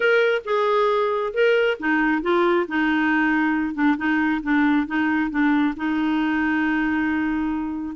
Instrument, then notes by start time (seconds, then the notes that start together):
clarinet
0.00 A#4
0.45 G#4
1.33 A#4
1.79 D#4
2.22 F4
2.68 D#4
3.74 D4
3.97 D#4
4.42 D4
4.86 D#4
5.30 D4
5.76 D#4